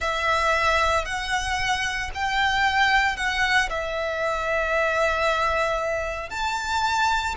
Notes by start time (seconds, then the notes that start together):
0.00 E5
1.05 F#5
2.14 G5
3.16 F#5
3.69 E5
6.30 A5